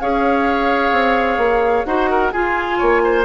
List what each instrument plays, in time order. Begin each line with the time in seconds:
0.00 bassoon C#4, clarinet G#4, oboe C#5, flute F5
0.91 bassoon C4
1.37 bassoon A#3
1.85 bassoon D#4, clarinet F#4, oboe C5, flute F#5
2.10 oboe A#4
2.32 clarinet F4, bassoon F4, oboe G#4, flute G#5
2.78 bassoon A#3, oboe C#5
3.04 oboe C5